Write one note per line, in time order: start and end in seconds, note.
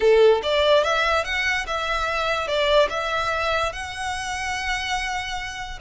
0.00 0.41 A4
0.43 0.83 D5
0.83 1.24 E5
1.24 1.66 F#5
1.66 2.47 E5
2.47 2.89 D5
2.89 3.72 E5
3.72 5.79 F#5